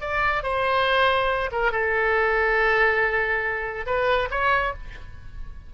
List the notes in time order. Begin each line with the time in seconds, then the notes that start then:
0.00 D5
0.42 C5
1.51 A#4
1.71 A4
3.86 B4
4.30 C#5